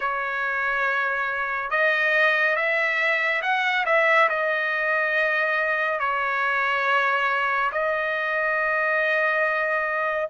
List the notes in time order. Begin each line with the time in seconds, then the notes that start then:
0.00 C#5
1.70 D#5
2.56 E5
3.41 F#5
3.85 E5
4.29 D#5
5.99 C#5
7.72 D#5